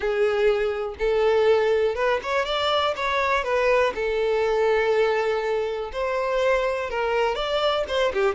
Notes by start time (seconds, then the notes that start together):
0.00 G#4
0.98 A4
1.95 B4
2.22 C#5
2.45 D5
2.96 C#5
3.44 B4
3.94 A4
5.92 C5
6.90 A#4
7.35 D5
7.88 C5
8.13 G4